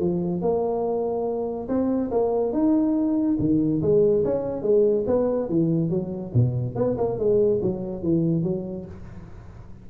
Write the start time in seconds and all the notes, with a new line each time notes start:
0.00 F3
0.41 A#3
1.68 C4
2.11 A#3
2.53 D#4
3.39 D#3
3.82 G#3
4.25 C#4
4.62 G#3
5.07 B3
5.49 E3
5.90 F#3
6.34 B2
6.76 B3
6.98 A#3
7.19 G#3
7.62 F#3
8.03 E3
8.43 F#3